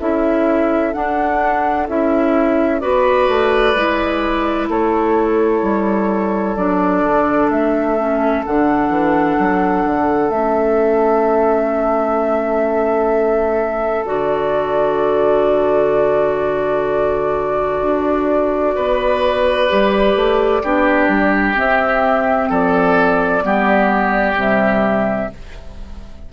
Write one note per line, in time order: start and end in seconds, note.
0.00 0.95 C#4
0.00 0.93 E4
0.00 2.82 A4
0.00 0.94 E5
0.93 1.87 D4
0.93 1.88 D4
0.93 1.87 F#5
1.88 2.82 C#4
1.88 2.81 E4
1.88 2.80 E5
2.80 3.29 B3
2.80 3.74 F#4
2.80 4.69 B4
2.80 4.68 D5
3.29 3.75 A3
3.75 4.69 G#3
3.75 6.57 E4
4.69 5.62 A3
4.69 18.75 A4
4.69 6.56 C#5
5.62 6.56 G3
6.56 7.03 F#3
6.56 7.98 D4
6.56 7.50 D5
7.03 7.50 D3
7.50 8.44 A3
7.50 8.45 E5
7.98 8.45 C#4
8.45 8.89 D3
8.45 10.32 D4
8.45 10.30 F#5
8.89 9.36 E3
9.39 9.85 F#3
9.85 10.30 D3
10.30 14.05 A3
10.30 14.06 C#4
10.30 14.05 E5
14.06 17.82 D3
14.06 19.69 F#4
14.06 21.56 D5
17.82 18.76 D4
18.75 19.70 B3
18.75 20.63 B4
19.69 20.16 G3
19.69 20.63 G4
20.16 20.63 A3
20.63 21.08 B3
20.63 21.55 D4
20.63 22.50 G4
21.08 21.55 G3
21.55 23.42 C4
21.55 22.50 C4
21.55 22.51 E5
22.50 23.44 F3
22.50 23.43 A4
22.50 24.39 D5
23.42 24.36 G3
23.42 24.35 B3
23.42 25.33 G4
24.35 25.29 C3
24.35 25.28 G3
24.35 25.33 E5